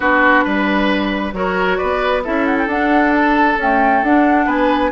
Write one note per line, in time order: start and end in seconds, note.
0.00 0.45 B3
0.00 1.33 D4
0.00 0.44 F#4
0.00 1.34 B4
0.44 1.33 G3
0.44 1.33 B4
1.33 1.78 F#3
1.33 2.23 F#4
1.33 1.78 A#4
1.33 1.77 C#5
1.77 2.26 B3
1.77 2.22 B4
1.77 2.22 D5
2.24 2.66 C#4
2.24 2.68 E4
2.24 4.45 A4
2.24 2.45 E5
2.45 2.56 F#5
2.57 2.68 G5
2.66 3.56 D4
2.66 3.59 D4
2.66 3.14 F#5
3.14 3.59 A5
3.57 4.05 A3
3.57 4.01 C#4
3.57 4.04 G5
4.02 4.46 D4
4.02 4.92 D4
4.02 4.48 F#5
4.45 4.91 B3
4.45 4.90 B4
4.45 4.92 G#5